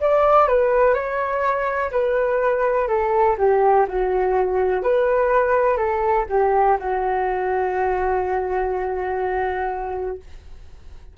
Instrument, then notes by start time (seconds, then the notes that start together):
flute
0.00 D5
0.48 B4
0.94 C#5
1.91 B4
2.88 A4
3.37 G4
3.88 F#4
4.83 B4
5.77 A4
6.29 G4
6.79 F#4